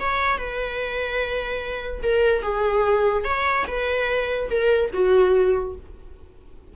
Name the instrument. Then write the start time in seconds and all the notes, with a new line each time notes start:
viola
0.00 C#5
0.38 B4
2.03 A#4
2.43 G#4
3.25 C#5
3.68 B4
4.51 A#4
4.94 F#4